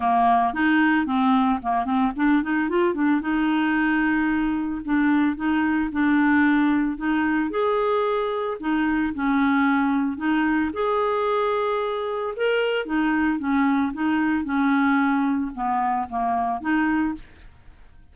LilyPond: \new Staff \with { instrumentName = "clarinet" } { \time 4/4 \tempo 4 = 112 ais4 dis'4 c'4 ais8 c'8 | d'8 dis'8 f'8 d'8 dis'2~ | dis'4 d'4 dis'4 d'4~ | d'4 dis'4 gis'2 |
dis'4 cis'2 dis'4 | gis'2. ais'4 | dis'4 cis'4 dis'4 cis'4~ | cis'4 b4 ais4 dis'4 | }